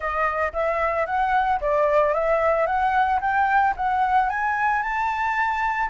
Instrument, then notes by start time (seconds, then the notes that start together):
flute
0.00 D#5
0.53 E5
1.05 F#5
1.60 D5
2.14 E5
2.66 F#5
3.20 G5
3.76 F#5
4.29 G#5
4.82 A5